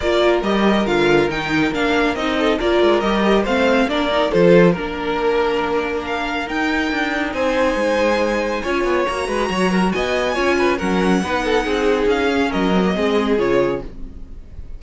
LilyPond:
<<
  \new Staff \with { instrumentName = "violin" } { \time 4/4 \tempo 4 = 139 d''4 dis''4 f''4 g''4 | f''4 dis''4 d''4 dis''4 | f''4 d''4 c''4 ais'4~ | ais'2 f''4 g''4~ |
g''4 gis''2.~ | gis''4 ais''2 gis''4~ | gis''4 fis''2. | f''4 dis''2 cis''4 | }
  \new Staff \with { instrumentName = "violin" } { \time 4/4 ais'1~ | ais'4. a'8 ais'2 | c''4 ais'4 a'4 ais'4~ | ais'1~ |
ais'4 c''2. | cis''4. b'8 cis''8 ais'8 dis''4 | cis''8 b'8 ais'4 b'8 a'8 gis'4~ | gis'4 ais'4 gis'2 | }
  \new Staff \with { instrumentName = "viola" } { \time 4/4 f'4 g'4 f'4 dis'4 | d'4 dis'4 f'4 g'4 | c'4 d'8 dis'8 f'4 d'4~ | d'2. dis'4~ |
dis'1 | f'4 fis'2. | f'4 cis'4 dis'2~ | dis'8 cis'4 c'16 ais16 c'4 f'4 | }
  \new Staff \with { instrumentName = "cello" } { \time 4/4 ais4 g4 d4 dis4 | ais4 c'4 ais8 gis8 g4 | a4 ais4 f4 ais4~ | ais2. dis'4 |
d'4 c'4 gis2 | cis'8 b8 ais8 gis8 fis4 b4 | cis'4 fis4 b4 c'4 | cis'4 fis4 gis4 cis4 | }
>>